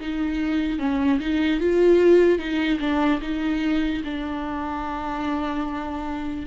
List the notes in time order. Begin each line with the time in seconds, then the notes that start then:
0.00 D#4
0.79 C#4
1.20 D#4
1.60 F4
2.38 D#4
2.80 D4
3.21 D#4
4.04 D4